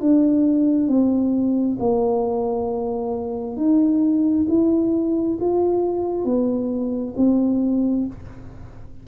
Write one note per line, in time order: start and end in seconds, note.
0.00 0.88 D4
0.88 1.77 C4
1.80 3.57 A#3
3.57 4.47 D#4
4.49 5.38 E4
5.40 6.24 F4
6.24 7.14 B3
7.17 8.06 C4